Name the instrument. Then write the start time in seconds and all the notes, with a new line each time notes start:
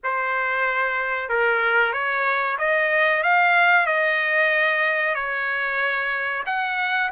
trumpet
0.03 C5
1.29 A#4
1.92 C#5
2.58 D#5
3.23 F5
3.86 D#5
5.14 C#5
6.45 F#5